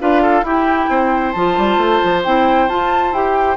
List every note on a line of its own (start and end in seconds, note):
0.00 0.43 D4
0.00 0.45 F4
0.00 0.22 B4
0.00 0.45 F5
0.22 0.45 A4
0.43 0.87 E4
0.43 1.35 E4
0.43 0.90 G4
0.43 1.32 G5
0.89 1.34 C4
0.89 3.57 C5
1.32 1.57 F3
1.32 2.25 F4
1.32 2.21 A5
1.58 1.78 G3
1.78 2.00 A3
2.04 2.25 F3
2.24 2.69 C4
2.24 2.70 E4
2.24 2.69 G5
2.69 3.12 F4
2.69 3.14 F4
2.69 3.13 A5
3.12 3.57 E4
3.12 3.57 G4
3.12 3.57 G5